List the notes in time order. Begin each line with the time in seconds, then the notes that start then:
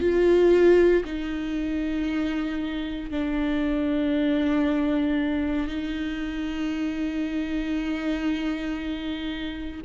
0.00 F4
1.05 D#4
3.11 D4
5.68 D#4